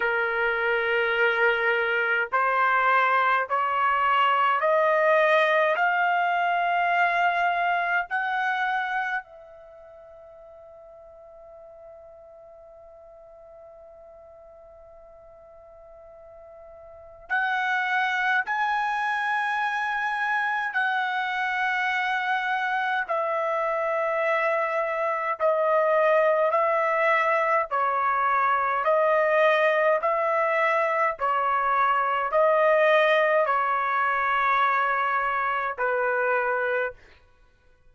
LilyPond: \new Staff \with { instrumentName = "trumpet" } { \time 4/4 \tempo 4 = 52 ais'2 c''4 cis''4 | dis''4 f''2 fis''4 | e''1~ | e''2. fis''4 |
gis''2 fis''2 | e''2 dis''4 e''4 | cis''4 dis''4 e''4 cis''4 | dis''4 cis''2 b'4 | }